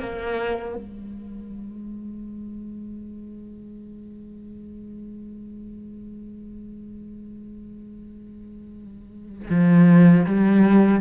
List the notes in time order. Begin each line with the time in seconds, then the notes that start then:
0.00 A#3
0.76 G#3
9.50 F3
10.26 G3